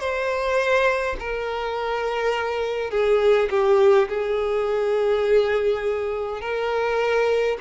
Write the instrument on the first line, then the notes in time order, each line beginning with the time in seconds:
violin
0.00 C5
1.20 A#4
2.91 G#4
3.51 G4
4.09 G#4
6.42 A#4